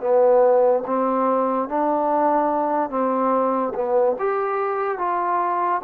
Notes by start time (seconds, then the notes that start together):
0.00 B3
0.86 C4
1.69 D4
2.90 C4
3.75 B3
4.19 G4
4.98 F4